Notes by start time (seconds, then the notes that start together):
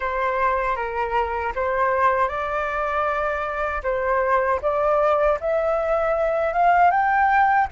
0.00 C5
0.76 A#4
1.55 C5
2.28 D5
3.83 C5
4.62 D5
5.40 E5
6.53 F5
6.90 G5